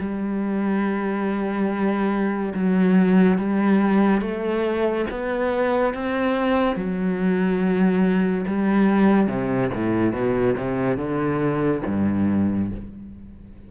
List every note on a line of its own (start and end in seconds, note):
0.00 2.54 G3
2.55 3.38 F#3
3.38 4.21 G3
4.21 5.06 A3
5.10 5.94 B3
5.94 6.76 C4
6.76 8.45 F#3
8.47 9.27 G3
9.27 9.70 C3
9.74 10.13 A2
10.13 10.55 B2
10.57 10.97 C3
10.97 11.82 D3
11.87 12.71 G2